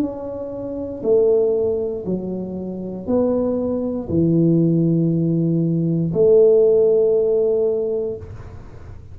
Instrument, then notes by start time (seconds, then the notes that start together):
tuba
0.00 C#4
1.03 A3
2.06 F#3
3.07 B3
4.09 E3
6.13 A3